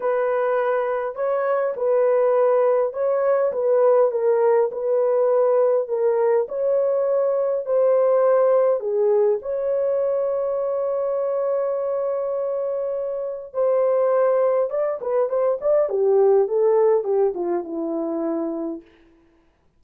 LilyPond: \new Staff \with { instrumentName = "horn" } { \time 4/4 \tempo 4 = 102 b'2 cis''4 b'4~ | b'4 cis''4 b'4 ais'4 | b'2 ais'4 cis''4~ | cis''4 c''2 gis'4 |
cis''1~ | cis''2. c''4~ | c''4 d''8 b'8 c''8 d''8 g'4 | a'4 g'8 f'8 e'2 | }